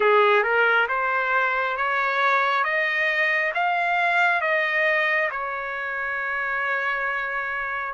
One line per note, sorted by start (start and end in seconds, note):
0.00 0.43 G#4
0.43 0.87 A#4
0.88 1.76 C5
1.76 2.64 C#5
2.64 3.52 D#5
3.54 4.41 F5
4.41 5.29 D#5
5.31 7.93 C#5